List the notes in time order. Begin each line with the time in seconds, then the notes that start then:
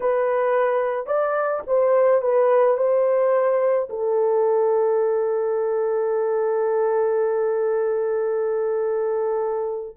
0.00 B4
1.06 D5
1.66 C5
2.21 B4
2.77 C5
3.89 A4